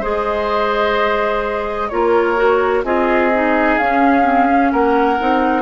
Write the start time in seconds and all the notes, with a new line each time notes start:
0.00 G#3 G#4 C5 D#5
1.89 A#3 F4 A#4 C#5
2.36 F#4
2.83 C4 F4 G#4 D#5
3.34 D#4
3.78 C#4 F5
4.24 C4
4.46 C#4
4.72 A#3 A#4 F#5
5.20 C4 D#4